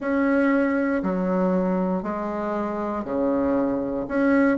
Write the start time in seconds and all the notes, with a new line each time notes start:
0.00 C#4
1.02 F#3
2.02 G#3
3.04 C#3
4.07 C#4